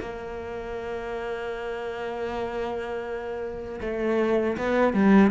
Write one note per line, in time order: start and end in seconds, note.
0.00 3.80 A#3
3.81 4.57 A3
4.57 4.93 B3
4.93 5.31 G3